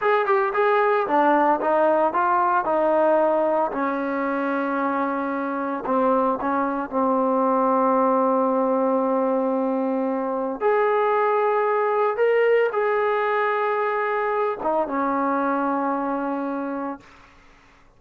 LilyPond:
\new Staff \with { instrumentName = "trombone" } { \time 4/4 \tempo 4 = 113 gis'8 g'8 gis'4 d'4 dis'4 | f'4 dis'2 cis'4~ | cis'2. c'4 | cis'4 c'2.~ |
c'1 | gis'2. ais'4 | gis'2.~ gis'8 dis'8 | cis'1 | }